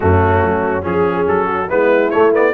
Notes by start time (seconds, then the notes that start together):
0.00 F#2 A3 C#4 F#4
0.43 F#3
0.82 F3 C#4 G#4
1.27 F#3 A4
1.46 F#4
1.69 G#3 B3 E4 B4
2.10 A3 C#5
2.32 B3 D5